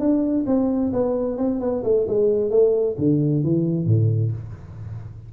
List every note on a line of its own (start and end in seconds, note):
0.00 0.45 D4
0.47 0.93 C4
0.93 1.38 B3
1.38 1.61 C4
1.61 1.84 B3
1.84 2.07 A3
2.08 2.51 G#3
2.51 2.96 A3
2.99 3.44 D3
3.44 3.87 E3
3.87 4.32 A2